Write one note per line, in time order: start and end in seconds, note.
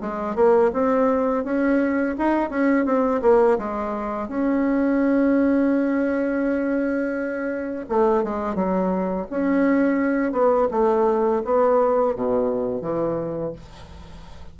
0.00 0.35 G#3
0.35 0.71 A#3
0.73 1.44 C4
1.44 2.15 C#4
2.18 2.49 D#4
2.49 2.85 C#4
2.85 3.21 C4
3.22 3.57 A#3
3.58 4.28 G#3
4.28 7.85 C#4
7.89 8.23 A3
8.23 8.55 G#3
8.55 9.26 F#3
9.30 10.32 C#4
10.32 10.68 B3
10.71 11.42 A3
11.44 12.15 B3
12.15 12.81 B2
12.81 13.52 E3